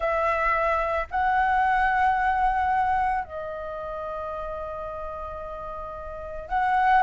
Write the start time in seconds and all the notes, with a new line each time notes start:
0.00 E5
1.10 F#5
3.24 D#5
6.49 F#5